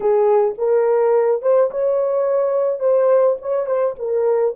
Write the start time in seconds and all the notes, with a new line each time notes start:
0.00 G#4
0.57 A#4
1.42 C5
1.70 C#5
2.79 C5
3.41 C#5
3.66 C5
3.98 A#4